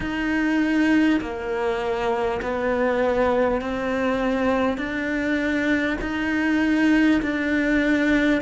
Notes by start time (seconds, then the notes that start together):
0.00 D#4
1.21 A#3
2.42 B3
3.61 C4
4.77 D4
6.01 D#4
7.22 D4